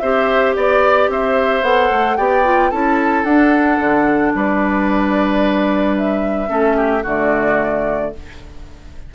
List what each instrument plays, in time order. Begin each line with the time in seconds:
0.00 bassoon C4, clarinet G4, oboe C5, flute E5
0.56 bassoon B3, flute D5, oboe D5
1.09 bassoon C4, oboe C5, flute E5
1.62 bassoon B3, clarinet A4, flute F#5
1.91 bassoon A3
2.17 bassoon B3, clarinet G4, oboe D5, flute G5
2.45 clarinet F4
2.71 bassoon C#4, clarinet E4, oboe A4, flute A5
3.25 bassoon D4, clarinet D4, flute F#5
3.80 bassoon D3
4.35 bassoon G3, oboe B4, flute D5
5.98 flute E5
6.48 bassoon A3, clarinet C#4, oboe A4
6.77 oboe G4
7.03 bassoon D3, clarinet A3, oboe F#4, flute D5